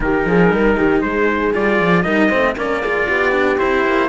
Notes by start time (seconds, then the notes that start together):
0.00 D#3 D#4 G4 A#4
0.25 F3 G#4
0.50 G3 A#4
0.77 D#3 G4
1.01 G#3 G#4 C5
1.53 G3 F4 D5
1.79 F3
2.02 G3 D#4 A#4 D#5
2.28 A3 C4 C5
2.55 A#3 C#4 A#4 D5
2.81 F4 G#4
3.06 B3 G4
3.32 D4
3.58 C4 E4 C5
3.85 A#3